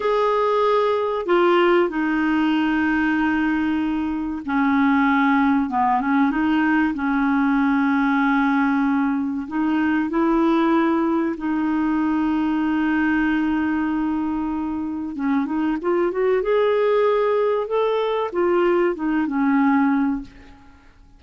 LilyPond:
\new Staff \with { instrumentName = "clarinet" } { \time 4/4 \tempo 4 = 95 gis'2 f'4 dis'4~ | dis'2. cis'4~ | cis'4 b8 cis'8 dis'4 cis'4~ | cis'2. dis'4 |
e'2 dis'2~ | dis'1 | cis'8 dis'8 f'8 fis'8 gis'2 | a'4 f'4 dis'8 cis'4. | }